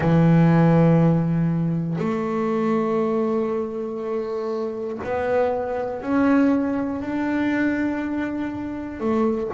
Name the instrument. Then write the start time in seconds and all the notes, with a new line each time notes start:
double bass
0.00 E3
1.98 A3
5.04 B3
6.01 C#4
7.01 D4
9.00 A3